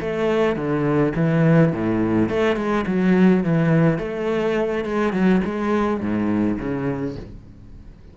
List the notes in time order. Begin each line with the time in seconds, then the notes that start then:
0.00 A3
0.55 D3
1.15 E3
1.72 A2
2.29 A3
2.56 G#3
2.86 F#3
3.43 E3
3.98 A3
4.84 G#3
5.12 F#3
5.45 G#3
6.00 G#2
6.58 C#3